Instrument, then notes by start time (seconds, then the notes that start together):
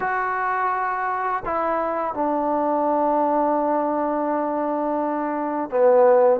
trombone
0.00 F#4
1.45 E4
2.14 D4
5.70 B3